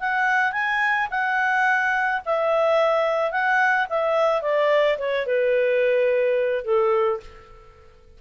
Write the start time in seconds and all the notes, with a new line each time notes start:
0.00 F#5
0.52 G#5
1.10 F#5
2.25 E5
3.31 F#5
3.89 E5
4.42 D5
4.98 C#5
5.26 B4
6.65 A4